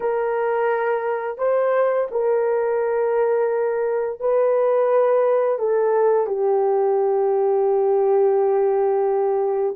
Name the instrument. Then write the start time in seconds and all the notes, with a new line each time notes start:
horn
0.00 A#4
1.38 C5
2.11 A#4
4.20 B4
5.58 A4
6.26 G4